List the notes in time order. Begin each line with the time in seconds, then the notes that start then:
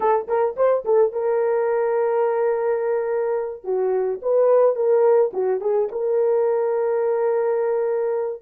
0.00 A4
0.27 A#4
0.56 C5
0.84 A4
1.12 A#4
3.64 F#4
4.22 B4
4.75 A#4
5.33 F#4
5.60 G#4
5.91 A#4